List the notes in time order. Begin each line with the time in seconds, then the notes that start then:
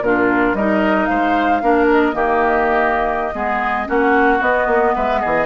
0.00 A#2 D4 F4 A#4
0.54 G3 D#4 A#4 D#5
1.06 G#3 C5 F5
1.62 A#3 D4 A#4
1.91 D#5
2.13 D#3 A#3 G4
3.34 G#3 B3 G#4
3.86 A#3 C#4 F#4 F#5
4.40 B3 D#5
4.67 A#3
4.95 G#3 B4 E5
5.20 E3 G#4 D#5